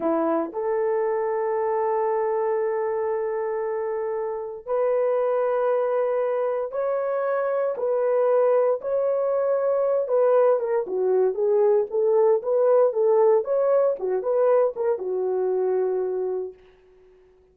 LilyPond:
\new Staff \with { instrumentName = "horn" } { \time 4/4 \tempo 4 = 116 e'4 a'2.~ | a'1~ | a'4 b'2.~ | b'4 cis''2 b'4~ |
b'4 cis''2~ cis''8 b'8~ | b'8 ais'8 fis'4 gis'4 a'4 | b'4 a'4 cis''4 fis'8 b'8~ | b'8 ais'8 fis'2. | }